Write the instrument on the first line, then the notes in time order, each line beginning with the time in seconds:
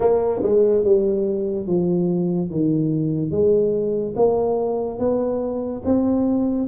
tuba
0.00 A#3
0.42 G#3
0.84 G3
1.67 F3
2.50 D#3
3.31 G#3
4.16 A#3
4.98 B3
5.84 C4